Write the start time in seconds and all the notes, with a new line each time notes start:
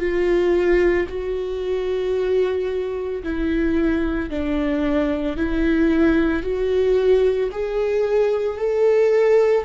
0.00 F4
1.09 F#4
3.24 E4
4.31 D4
5.37 E4
6.43 F#4
7.52 G#4
8.58 A4